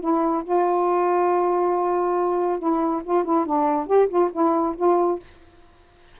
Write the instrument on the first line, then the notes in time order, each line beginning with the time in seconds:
saxophone
0.00 E4
0.44 F4
2.59 E4
3.04 F4
3.24 E4
3.46 D4
3.86 G4
4.08 F4
4.32 E4
4.76 F4